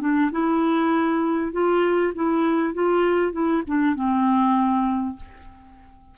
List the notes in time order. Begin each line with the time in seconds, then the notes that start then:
0.00 D4
0.31 E4
1.52 F4
2.15 E4
2.74 F4
3.32 E4
3.67 D4
3.95 C4